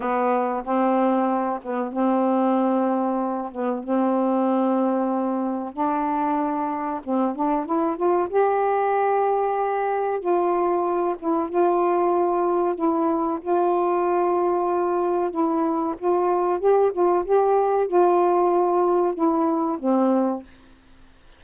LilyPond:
\new Staff \with { instrumentName = "saxophone" } { \time 4/4 \tempo 4 = 94 b4 c'4. b8 c'4~ | c'4. b8 c'2~ | c'4 d'2 c'8 d'8 | e'8 f'8 g'2. |
f'4. e'8 f'2 | e'4 f'2. | e'4 f'4 g'8 f'8 g'4 | f'2 e'4 c'4 | }